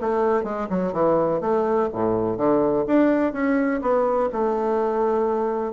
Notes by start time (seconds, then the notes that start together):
0.00 A3
0.43 G#3
0.69 F#3
0.93 E3
1.41 A3
1.92 A2
2.37 D3
2.86 D4
3.33 C#4
3.81 B3
4.32 A3